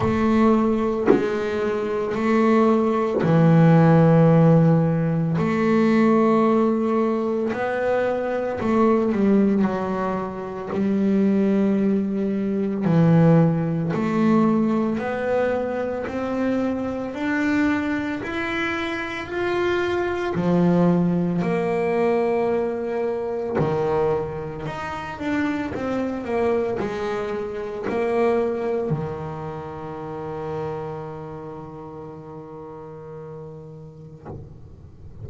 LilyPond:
\new Staff \with { instrumentName = "double bass" } { \time 4/4 \tempo 4 = 56 a4 gis4 a4 e4~ | e4 a2 b4 | a8 g8 fis4 g2 | e4 a4 b4 c'4 |
d'4 e'4 f'4 f4 | ais2 dis4 dis'8 d'8 | c'8 ais8 gis4 ais4 dis4~ | dis1 | }